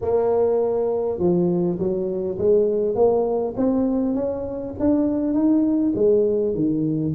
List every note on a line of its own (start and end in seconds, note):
0.01 1.19 A#3
1.19 1.78 F3
1.78 2.38 F#3
2.38 2.95 G#3
2.95 3.54 A#3
3.56 4.14 C4
4.14 4.74 C#4
4.79 5.33 D4
5.33 5.92 D#4
5.95 6.54 G#3
6.54 7.14 D#3